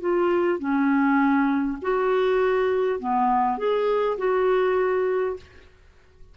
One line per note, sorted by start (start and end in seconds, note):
0.00 0.59 F4
0.59 1.78 C#4
1.82 2.99 F#4
2.99 3.58 B3
3.58 4.17 G#4
4.18 5.37 F#4